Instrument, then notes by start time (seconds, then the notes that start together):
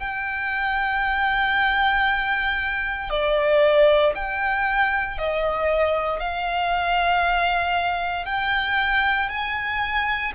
violin
0.00 G5
3.10 D5
4.16 G5
5.19 D#5
6.20 F5
8.26 G5
9.30 G#5